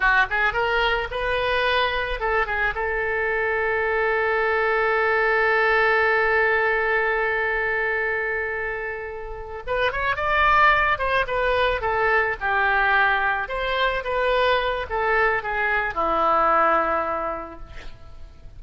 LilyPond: \new Staff \with { instrumentName = "oboe" } { \time 4/4 \tempo 4 = 109 fis'8 gis'8 ais'4 b'2 | a'8 gis'8 a'2.~ | a'1~ | a'1~ |
a'4. b'8 cis''8 d''4. | c''8 b'4 a'4 g'4.~ | g'8 c''4 b'4. a'4 | gis'4 e'2. | }